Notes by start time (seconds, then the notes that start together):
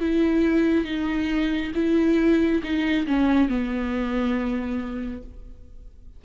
0.00 E4
0.85 D#4
1.75 E4
2.63 D#4
3.07 C#4
3.49 B3